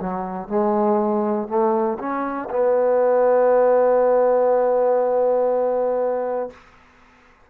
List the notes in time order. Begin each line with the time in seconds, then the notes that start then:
0.00 F#3
0.49 G#3
1.49 A3
1.99 C#4
2.50 B3